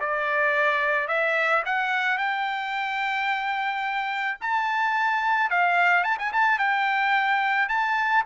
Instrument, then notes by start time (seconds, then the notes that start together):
trumpet
0.00 D5
1.08 E5
1.66 F#5
2.18 G5
4.41 A5
5.50 F5
6.04 A5
6.19 G#5
6.33 A5
6.59 G5
7.69 A5